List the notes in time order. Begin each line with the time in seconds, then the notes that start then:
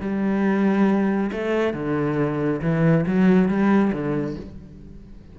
0.00 G3
1.32 A3
1.73 D3
2.61 E3
3.06 F#3
3.48 G3
3.92 D3